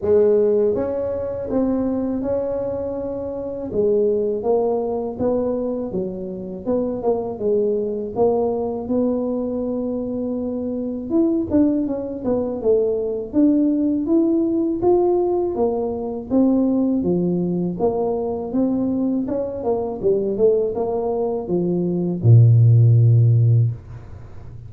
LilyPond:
\new Staff \with { instrumentName = "tuba" } { \time 4/4 \tempo 4 = 81 gis4 cis'4 c'4 cis'4~ | cis'4 gis4 ais4 b4 | fis4 b8 ais8 gis4 ais4 | b2. e'8 d'8 |
cis'8 b8 a4 d'4 e'4 | f'4 ais4 c'4 f4 | ais4 c'4 cis'8 ais8 g8 a8 | ais4 f4 ais,2 | }